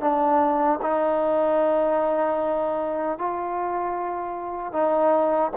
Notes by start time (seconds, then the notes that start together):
0.00 D4
0.81 D#4
3.18 F4
4.72 D#4